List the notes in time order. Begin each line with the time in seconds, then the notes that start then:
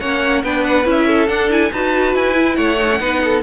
0.00 A#3 C#4 C#5 F#5
0.43 B3 D4 B4 G5
0.65 F#5
0.85 C#4 E4 E5
1.07 A4
1.28 D4 F#5
1.49 E4 G#5
1.72 D#4 F#4 B4 A5
2.15 E4 G#5
2.34 E4
2.55 A3 C#5 F#5
2.78 D#4
2.91 C#4
3.00 B3 D#4 B4
3.24 A4